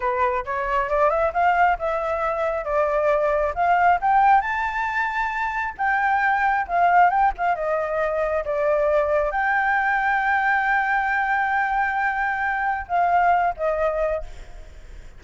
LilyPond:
\new Staff \with { instrumentName = "flute" } { \time 4/4 \tempo 4 = 135 b'4 cis''4 d''8 e''8 f''4 | e''2 d''2 | f''4 g''4 a''2~ | a''4 g''2 f''4 |
g''8 f''8 dis''2 d''4~ | d''4 g''2.~ | g''1~ | g''4 f''4. dis''4. | }